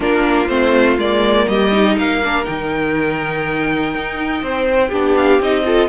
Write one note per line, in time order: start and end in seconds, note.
0.00 0.48 A#3
0.00 0.47 D4
0.00 1.47 F4
0.00 0.48 A#4
0.48 0.97 A3
0.48 0.97 C4
0.48 0.97 C5
0.97 1.46 G#3
0.97 1.72 A#3
0.97 1.47 D5
1.47 1.97 G3
1.47 1.95 G4
1.47 1.97 D#5
1.72 2.21 D#4
1.95 2.46 A#3
1.95 4.41 A#4
1.95 2.44 F5
2.24 2.44 D4
2.44 3.94 D#3
2.44 4.90 D#4
2.44 5.15 G5
3.94 4.41 D#4
4.41 4.91 C4
4.41 4.88 C5
4.88 5.39 B3
4.88 5.41 D4
4.88 5.62 G4
5.16 5.41 F5
5.39 5.88 C4
5.39 5.65 D#4
5.39 5.88 D#5
5.65 5.88 F4
5.65 5.88 A4